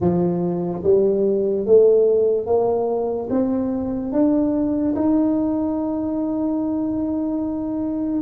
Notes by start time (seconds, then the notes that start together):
0.00 F3
0.83 G3
1.66 A3
2.46 A#3
3.30 C4
4.12 D4
4.95 D#4